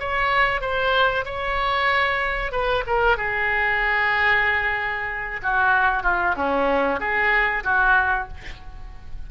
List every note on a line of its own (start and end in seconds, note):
0.00 0.61 C#5
0.61 1.25 C5
1.26 2.52 C#5
2.52 2.84 B4
2.87 3.17 A#4
3.17 5.41 G#4
5.43 6.03 F#4
6.03 6.35 F4
6.37 7.00 C#4
7.00 7.64 G#4
7.65 8.28 F#4